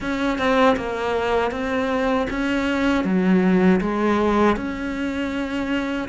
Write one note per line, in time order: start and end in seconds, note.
0.00 0.38 C#4
0.38 0.76 C4
0.76 1.51 A#3
1.51 2.27 C4
2.30 3.04 C#4
3.04 3.80 F#3
3.80 4.56 G#3
4.56 6.08 C#4